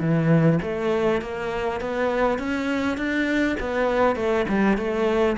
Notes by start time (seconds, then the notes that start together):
0.00 E3
0.62 A3
1.21 A#3
1.80 B3
2.38 C#4
2.97 D4
3.59 B3
4.16 A3
4.49 G3
4.77 A3